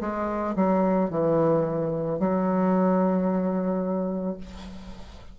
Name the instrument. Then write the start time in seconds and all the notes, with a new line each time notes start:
bassoon
0.00 G#3
0.55 F#3
1.10 E3
2.19 F#3